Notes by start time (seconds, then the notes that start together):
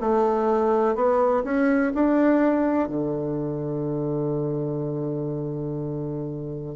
0.00 A3
0.95 B3
1.44 C#4
1.94 D4
2.88 D3